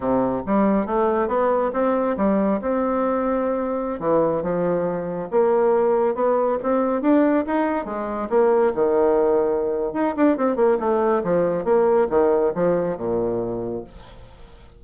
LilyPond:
\new Staff \with { instrumentName = "bassoon" } { \time 4/4 \tempo 4 = 139 c4 g4 a4 b4 | c'4 g4 c'2~ | c'4~ c'16 e4 f4.~ f16~ | f16 ais2 b4 c'8.~ |
c'16 d'4 dis'4 gis4 ais8.~ | ais16 dis2~ dis8. dis'8 d'8 | c'8 ais8 a4 f4 ais4 | dis4 f4 ais,2 | }